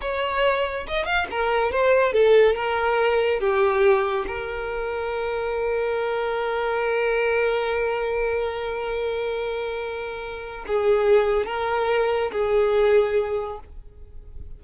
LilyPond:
\new Staff \with { instrumentName = "violin" } { \time 4/4 \tempo 4 = 141 cis''2 dis''8 f''8 ais'4 | c''4 a'4 ais'2 | g'2 ais'2~ | ais'1~ |
ais'1~ | ais'1~ | ais'4 gis'2 ais'4~ | ais'4 gis'2. | }